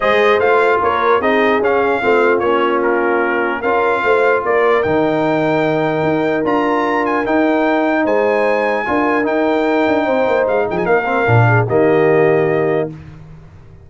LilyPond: <<
  \new Staff \with { instrumentName = "trumpet" } { \time 4/4 \tempo 4 = 149 dis''4 f''4 cis''4 dis''4 | f''2 cis''4 ais'4~ | ais'4 f''2 d''4 | g''1 |
ais''4. gis''8 g''2 | gis''2. g''4~ | g''2 f''8 g''16 gis''16 f''4~ | f''4 dis''2. | }
  \new Staff \with { instrumentName = "horn" } { \time 4/4 c''2 ais'4 gis'4~ | gis'4 f'2.~ | f'4 ais'4 c''4 ais'4~ | ais'1~ |
ais'1 | c''2 ais'2~ | ais'4 c''4. gis'8 ais'4~ | ais'8 gis'8 g'2. | }
  \new Staff \with { instrumentName = "trombone" } { \time 4/4 gis'4 f'2 dis'4 | cis'4 c'4 cis'2~ | cis'4 f'2. | dis'1 |
f'2 dis'2~ | dis'2 f'4 dis'4~ | dis'2.~ dis'8 c'8 | d'4 ais2. | }
  \new Staff \with { instrumentName = "tuba" } { \time 4/4 gis4 a4 ais4 c'4 | cis'4 a4 ais2~ | ais4 cis'4 a4 ais4 | dis2. dis'4 |
d'2 dis'2 | gis2 d'4 dis'4~ | dis'8 d'8 c'8 ais8 gis8 f8 ais4 | ais,4 dis2. | }
>>